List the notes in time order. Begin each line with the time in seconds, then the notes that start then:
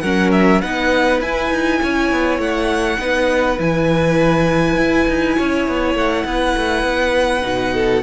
0.00 F#3 C#4 A#4 F#5
0.31 E5
0.61 B3 D#4 B4 F#5
1.21 E4 G#5
1.50 D#4
1.82 C#4 C#5
2.11 B3
2.38 A3 F#5
2.99 B3 D#4 B4
3.58 E3 E4 G#5
4.77 E4
5.08 D#4
5.36 C#4 C#5
5.67 B3
5.94 A3 F#5
6.25 B3 B4
6.56 A3
6.83 B3
7.41 B2 D#4
7.73 A4